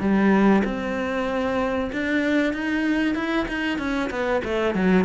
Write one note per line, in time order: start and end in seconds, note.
0.00 0.63 G3
0.65 1.91 C4
1.93 2.53 D4
2.53 3.15 D#4
3.15 3.47 E4
3.48 3.79 D#4
3.79 4.10 C#4
4.11 4.42 B3
4.45 4.75 A3
4.75 5.05 F#3